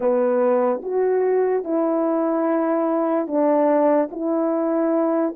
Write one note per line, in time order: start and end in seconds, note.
0.00 0.81 B3
0.82 1.64 F#4
1.64 3.27 E4
3.27 4.09 D4
4.11 5.34 E4